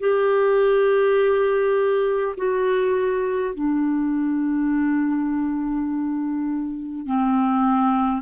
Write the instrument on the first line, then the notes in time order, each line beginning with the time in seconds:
clarinet
0.00 G4
2.37 F#4
3.55 D4
7.06 C4